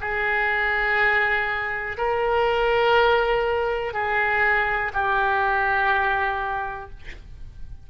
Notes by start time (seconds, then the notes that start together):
0.00 G#4
1.97 A#4
3.93 G#4
4.93 G4